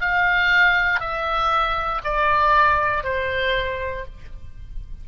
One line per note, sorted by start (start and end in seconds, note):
0.00 1.00 F5
1.00 2.02 E5
2.04 3.03 D5
3.03 4.05 C5